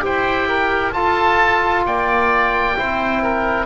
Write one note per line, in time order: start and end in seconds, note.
0.00 0.94 E4
0.00 0.91 G4
0.00 0.48 C5
0.00 0.92 G5
0.48 0.94 A#4
0.92 2.75 F4
0.92 1.85 F4
0.92 1.86 A4
0.92 1.83 A5
1.86 2.77 A#3
1.86 2.77 D5
1.86 3.66 G5
2.77 3.66 C4
2.77 3.66 E4
2.77 3.23 C5
3.23 3.66 A#4